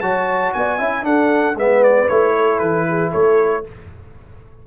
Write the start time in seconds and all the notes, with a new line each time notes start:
0.00 F#3 F#4 C#5 A5
0.53 B3 D5 G#5
0.77 C#4 E4 E5
1.02 D4 A4 F#5
1.55 G#3 B3 B4 E5
1.83 D5
2.08 A3 E4 C#5
2.36 A4
2.58 E3 B4
2.88 G#4
3.10 A3 A4 C#5